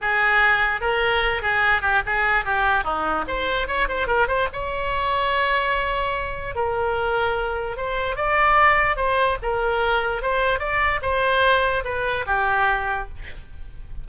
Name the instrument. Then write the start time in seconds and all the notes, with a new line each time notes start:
oboe
0.01 G#4
0.80 A#4
1.42 G#4
1.81 G4
2.06 G#4
2.45 G4
2.84 D#4
3.27 C5
3.67 C#5
3.88 C5
4.07 A#4
4.27 C5
4.52 C#5
6.55 A#4
7.77 C5
8.16 D5
8.96 C5
9.42 A#4
10.22 C5
10.59 D5
11.01 C5
11.84 B4
12.26 G4